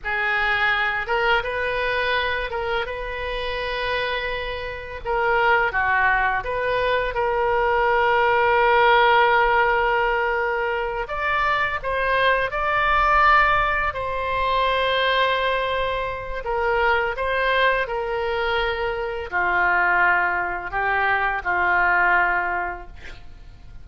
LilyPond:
\new Staff \with { instrumentName = "oboe" } { \time 4/4 \tempo 4 = 84 gis'4. ais'8 b'4. ais'8 | b'2. ais'4 | fis'4 b'4 ais'2~ | ais'2.~ ais'8 d''8~ |
d''8 c''4 d''2 c''8~ | c''2. ais'4 | c''4 ais'2 f'4~ | f'4 g'4 f'2 | }